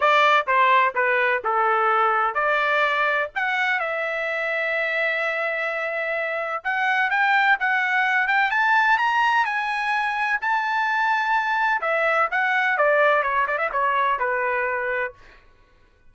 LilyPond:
\new Staff \with { instrumentName = "trumpet" } { \time 4/4 \tempo 4 = 127 d''4 c''4 b'4 a'4~ | a'4 d''2 fis''4 | e''1~ | e''2 fis''4 g''4 |
fis''4. g''8 a''4 ais''4 | gis''2 a''2~ | a''4 e''4 fis''4 d''4 | cis''8 d''16 e''16 cis''4 b'2 | }